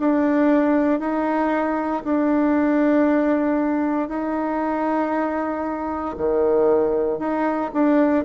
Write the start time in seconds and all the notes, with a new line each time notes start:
0.00 D4
1.00 D#4
2.05 D4
4.09 D#4
6.18 D#3
7.19 D#4
7.74 D4